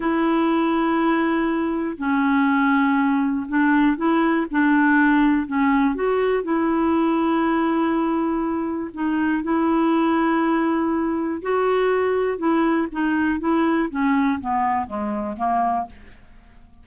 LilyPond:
\new Staff \with { instrumentName = "clarinet" } { \time 4/4 \tempo 4 = 121 e'1 | cis'2. d'4 | e'4 d'2 cis'4 | fis'4 e'2.~ |
e'2 dis'4 e'4~ | e'2. fis'4~ | fis'4 e'4 dis'4 e'4 | cis'4 b4 gis4 ais4 | }